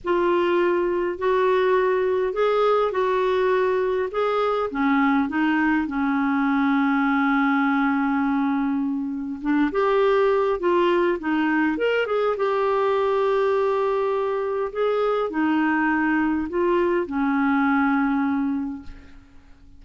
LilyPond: \new Staff \with { instrumentName = "clarinet" } { \time 4/4 \tempo 4 = 102 f'2 fis'2 | gis'4 fis'2 gis'4 | cis'4 dis'4 cis'2~ | cis'1 |
d'8 g'4. f'4 dis'4 | ais'8 gis'8 g'2.~ | g'4 gis'4 dis'2 | f'4 cis'2. | }